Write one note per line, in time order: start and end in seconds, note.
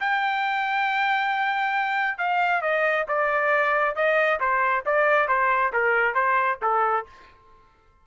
0.00 2.18 G5
2.18 2.62 F5
2.62 3.06 D#5
3.08 3.95 D5
3.95 4.40 D#5
4.40 4.84 C5
4.85 5.28 D5
5.28 5.72 C5
5.73 6.14 A#4
6.14 6.59 C5
6.62 7.06 A4